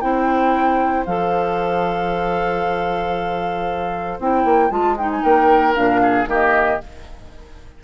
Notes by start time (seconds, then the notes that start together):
0.00 C4 E4 C5 G5
1.05 F3 A4 F5
4.19 C4 E4 G5
4.44 A#3
4.70 G#3 F4 A5
4.97 D#4 G5
5.11 G#5
5.22 A#3 A#4 G5
5.74 A#2 D4 F5
6.02 G#4
6.26 D#3 A#3 G4 D#5